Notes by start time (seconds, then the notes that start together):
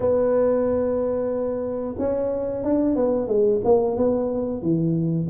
0.00 B3
1.98 C#4
2.64 D4
2.95 B3
3.27 G#3
3.64 A#3
3.96 B3
4.62 E3